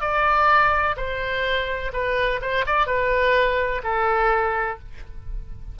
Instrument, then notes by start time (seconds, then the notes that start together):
oboe
0.00 D5
0.96 C5
1.93 B4
2.41 C5
2.66 D5
2.86 B4
3.83 A4